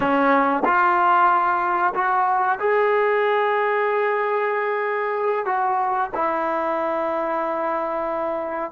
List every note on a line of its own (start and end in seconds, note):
0.00 0.63 C#4
0.64 1.93 F4
1.94 2.58 F#4
2.59 5.45 G#4
5.45 6.10 F#4
6.14 8.71 E4